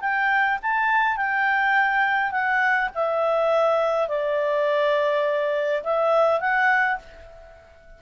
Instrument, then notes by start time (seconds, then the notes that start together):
clarinet
0.00 G5
0.62 A5
1.16 G5
2.31 F#5
2.94 E5
4.08 D5
5.83 E5
6.40 F#5